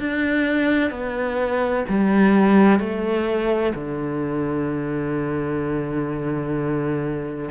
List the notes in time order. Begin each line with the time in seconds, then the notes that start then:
0.00 D4
0.91 B3
1.89 G3
2.80 A3
3.75 D3